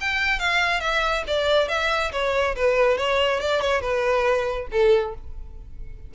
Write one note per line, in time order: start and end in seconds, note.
0.00 0.39 G5
0.39 0.80 F5
0.80 1.23 E5
1.27 1.68 D5
1.68 2.11 E5
2.12 2.55 C#5
2.55 2.97 B4
2.97 3.39 C#5
3.39 3.61 D5
3.61 3.81 C#5
3.81 4.67 B4
4.71 5.14 A4